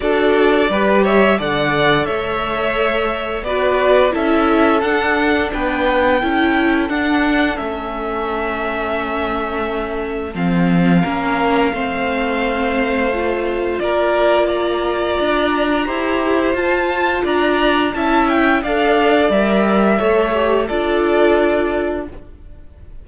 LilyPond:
<<
  \new Staff \with { instrumentName = "violin" } { \time 4/4 \tempo 4 = 87 d''4. e''8 fis''4 e''4~ | e''4 d''4 e''4 fis''4 | g''2 fis''4 e''4~ | e''2. f''4~ |
f''1 | d''4 ais''2. | a''4 ais''4 a''8 g''8 f''4 | e''2 d''2 | }
  \new Staff \with { instrumentName = "violin" } { \time 4/4 a'4 b'8 cis''8 d''4 cis''4~ | cis''4 b'4 a'2 | b'4 a'2.~ | a'1 |
ais'4 c''2. | ais'4 d''2 c''4~ | c''4 d''4 e''4 d''4~ | d''4 cis''4 a'2 | }
  \new Staff \with { instrumentName = "viola" } { \time 4/4 fis'4 g'4 a'2~ | a'4 fis'4 e'4 d'4~ | d'4 e'4 d'4 cis'4~ | cis'2. c'4 |
cis'4 c'2 f'4~ | f'2. g'4 | f'2 e'4 a'4 | ais'4 a'8 g'8 f'2 | }
  \new Staff \with { instrumentName = "cello" } { \time 4/4 d'4 g4 d4 a4~ | a4 b4 cis'4 d'4 | b4 cis'4 d'4 a4~ | a2. f4 |
ais4 a2. | ais2 d'4 e'4 | f'4 d'4 cis'4 d'4 | g4 a4 d'2 | }
>>